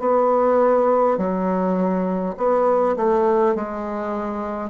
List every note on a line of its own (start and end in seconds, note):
0.00 1.18 B3
1.18 2.35 F#3
2.37 2.96 B3
2.97 3.55 A3
3.55 4.70 G#3